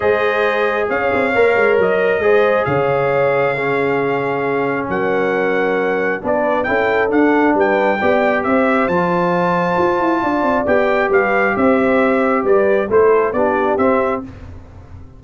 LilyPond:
<<
  \new Staff \with { instrumentName = "trumpet" } { \time 4/4 \tempo 4 = 135 dis''2 f''2 | dis''2 f''2~ | f''2. fis''4~ | fis''2 d''4 g''4 |
fis''4 g''2 e''4 | a''1 | g''4 f''4 e''2 | d''4 c''4 d''4 e''4 | }
  \new Staff \with { instrumentName = "horn" } { \time 4/4 c''2 cis''2~ | cis''4 c''4 cis''2 | gis'2. ais'4~ | ais'2 b'4 a'4~ |
a'4 b'4 d''4 c''4~ | c''2. d''4~ | d''4 b'4 c''2 | b'4 a'4 g'2 | }
  \new Staff \with { instrumentName = "trombone" } { \time 4/4 gis'2. ais'4~ | ais'4 gis'2. | cis'1~ | cis'2 d'4 e'4 |
d'2 g'2 | f'1 | g'1~ | g'4 e'4 d'4 c'4 | }
  \new Staff \with { instrumentName = "tuba" } { \time 4/4 gis2 cis'8 c'8 ais8 gis8 | fis4 gis4 cis2~ | cis2. fis4~ | fis2 b4 cis'4 |
d'4 g4 b4 c'4 | f2 f'8 e'8 d'8 c'8 | b4 g4 c'2 | g4 a4 b4 c'4 | }
>>